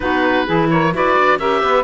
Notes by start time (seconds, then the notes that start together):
0.00 B3 D#4 F#4 B4
0.45 E3 E4 G#4
0.69 A#4 C#5
0.92 E4 F#4 B4 D5
1.18 D4
1.38 C#4 G4 A#4 E5
1.62 B3 B4